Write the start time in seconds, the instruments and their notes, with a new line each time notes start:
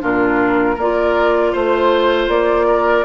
0.00 bassoon A#2, clarinet D4, oboe F4, flute A#4
0.75 bassoon A#3, clarinet F4, oboe A#4, flute D5
1.52 bassoon A3, oboe C5, flute C5
2.28 bassoon A#3, flute D5
2.67 oboe A#4